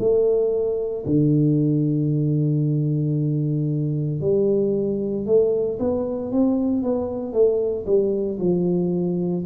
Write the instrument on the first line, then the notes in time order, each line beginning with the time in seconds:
tuba
0.00 A3
1.06 D3
4.21 G3
5.26 A3
5.79 B3
6.32 C4
6.83 B3
7.33 A3
7.86 G3
8.40 F3